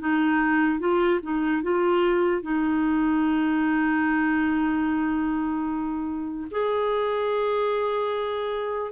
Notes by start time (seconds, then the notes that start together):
0.00 D#4
0.80 F4
1.23 D#4
1.63 F4
2.42 D#4
6.51 G#4